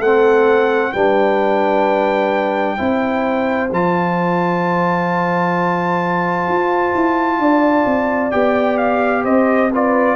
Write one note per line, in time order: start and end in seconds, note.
0.00 0.93 A3
0.00 0.95 C4
0.00 0.92 A4
0.00 0.93 F#5
0.93 2.79 G3
0.93 2.78 D4
0.93 2.77 B4
0.93 3.70 G5
2.77 3.72 C4
2.77 3.70 E4
2.77 7.39 C5
3.72 6.48 F3
3.72 8.32 F4
3.72 8.32 A5
6.48 6.94 F4
6.95 7.39 E4
7.39 7.85 D4
7.39 9.24 D5
7.86 8.32 C4
8.32 9.25 B3
8.32 9.70 G4
8.32 8.78 G5
8.78 9.24 F5
9.24 10.16 C4
9.24 9.71 C5
9.24 9.71 D#5
9.72 10.16 F4
9.72 10.16 B4
9.72 10.16 D5